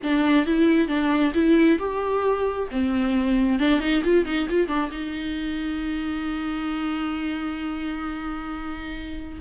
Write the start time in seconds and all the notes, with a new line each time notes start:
0.03 D4
0.46 E4
0.88 D4
1.34 E4
1.78 G4
2.71 C4
3.59 D4
3.80 D#4
4.04 F4
4.25 D#4
4.49 F4
4.67 D4
4.91 D#4